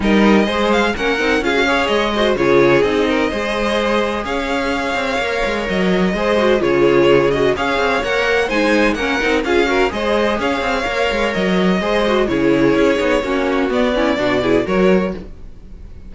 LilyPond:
<<
  \new Staff \with { instrumentName = "violin" } { \time 4/4 \tempo 4 = 127 dis''4. f''8 fis''4 f''4 | dis''4 cis''4 dis''2~ | dis''4 f''2. | dis''2 cis''4. dis''8 |
f''4 fis''4 gis''4 fis''4 | f''4 dis''4 f''2 | dis''2 cis''2~ | cis''4 d''2 cis''4 | }
  \new Staff \with { instrumentName = "violin" } { \time 4/4 ais'4 c''4 ais'4 gis'8 cis''8~ | cis''8 c''8 gis'4. ais'8 c''4~ | c''4 cis''2.~ | cis''4 c''4 gis'2 |
cis''2 c''4 ais'4 | gis'8 ais'8 c''4 cis''2~ | cis''4 c''4 gis'2 | fis'4. e'8 fis'8 gis'8 ais'4 | }
  \new Staff \with { instrumentName = "viola" } { \time 4/4 dis'4 gis'4 cis'8 dis'8 f'16 fis'16 gis'8~ | gis'8 fis'8 f'4 dis'4 gis'4~ | gis'2. ais'4~ | ais'4 gis'8 fis'8 f'4. fis'8 |
gis'4 ais'4 dis'4 cis'8 dis'8 | f'8 fis'8 gis'2 ais'4~ | ais'4 gis'8 fis'8 e'4. dis'8 | cis'4 b8 cis'8 d'8 e'8 fis'4 | }
  \new Staff \with { instrumentName = "cello" } { \time 4/4 g4 gis4 ais8 c'8 cis'4 | gis4 cis4 c'4 gis4~ | gis4 cis'4. c'8 ais8 gis8 | fis4 gis4 cis2 |
cis'8 c'8 ais4 gis4 ais8 c'8 | cis'4 gis4 cis'8 c'8 ais8 gis8 | fis4 gis4 cis4 cis'8 b8 | ais4 b4 b,4 fis4 | }
>>